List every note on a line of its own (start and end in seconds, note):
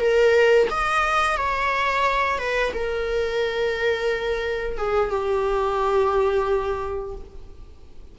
0.00 0.68 A#4
0.70 1.37 D#5
1.37 2.38 C#5
2.38 2.72 B4
2.74 4.78 A#4
4.78 5.10 G#4
5.10 7.15 G4